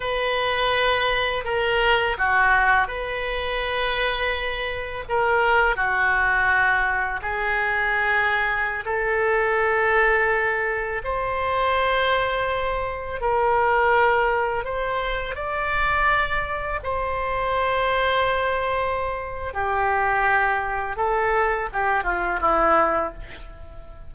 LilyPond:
\new Staff \with { instrumentName = "oboe" } { \time 4/4 \tempo 4 = 83 b'2 ais'4 fis'4 | b'2. ais'4 | fis'2 gis'2~ | gis'16 a'2. c''8.~ |
c''2~ c''16 ais'4.~ ais'16~ | ais'16 c''4 d''2 c''8.~ | c''2. g'4~ | g'4 a'4 g'8 f'8 e'4 | }